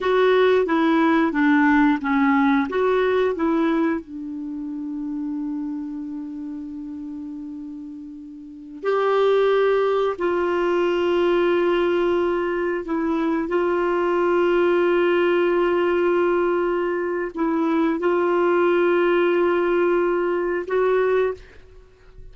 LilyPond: \new Staff \with { instrumentName = "clarinet" } { \time 4/4 \tempo 4 = 90 fis'4 e'4 d'4 cis'4 | fis'4 e'4 d'2~ | d'1~ | d'4~ d'16 g'2 f'8.~ |
f'2.~ f'16 e'8.~ | e'16 f'2.~ f'8.~ | f'2 e'4 f'4~ | f'2. fis'4 | }